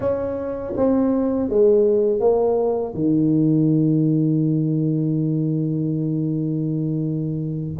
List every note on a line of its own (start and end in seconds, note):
0.00 0.73 C#4
0.76 1.49 C4
1.49 2.20 G#3
2.20 2.94 A#3
2.94 7.75 D#3